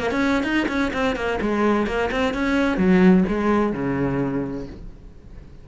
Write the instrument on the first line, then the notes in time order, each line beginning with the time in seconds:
cello
0.00 A#3
0.12 C#4
0.44 D#4
0.69 C#4
0.94 C4
1.16 A#3
1.42 G#3
1.87 A#3
2.12 C4
2.34 C#4
2.78 F#3
3.29 G#3
3.74 C#3